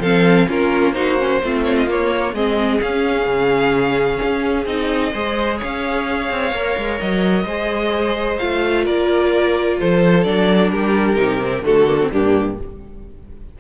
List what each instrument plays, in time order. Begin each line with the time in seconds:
0.00 cello F3, viola C4, violin A4 F5
0.48 cello A#3, viola C#4, violin F4 A#4
0.93 viola D#4, violin F#4 C5
1.19 viola C#4
1.44 cello A3, viola C4, violin F4
1.65 violin C#5
1.77 violin D#5
1.87 cello A#3, viola A#3, violin C#5
2.34 cello G#3, viola C4, violin G#4 D#5
2.81 viola C#4, cello C#4, violin F5
3.26 cello C#3
4.24 cello C#4
4.66 cello C4, viola D#4, violin D#5
5.12 cello G#3, viola G#4, violin C5
5.59 cello C#4, violin C#5 F5
6.31 cello C4
6.52 cello A#3, viola A#4
6.78 cello G#3
7.00 cello F#3, violin D#5
7.45 cello G#3, viola G#4, violin C5
8.38 cello A3, viola F4, violin F5
8.85 cello A#3, violin A#4 D5
9.80 cello F3, violin A4 C5
10.24 cello F#3, viola D4, violin D5
10.72 cello G3, violin G4 A#4
11.16 cello C3, viola D#4
11.42 viola C4
11.63 cello D3, viola A3, violin F#4 A4
11.88 viola A#3
12.02 viola C4
12.12 cello G2, viola A#3, violin D4 G4